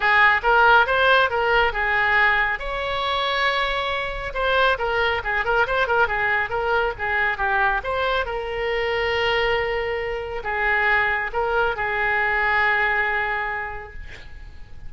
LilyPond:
\new Staff \with { instrumentName = "oboe" } { \time 4/4 \tempo 4 = 138 gis'4 ais'4 c''4 ais'4 | gis'2 cis''2~ | cis''2 c''4 ais'4 | gis'8 ais'8 c''8 ais'8 gis'4 ais'4 |
gis'4 g'4 c''4 ais'4~ | ais'1 | gis'2 ais'4 gis'4~ | gis'1 | }